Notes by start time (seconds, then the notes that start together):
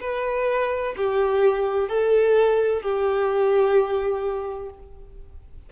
0.00 B4
0.96 G4
1.88 A4
2.82 G4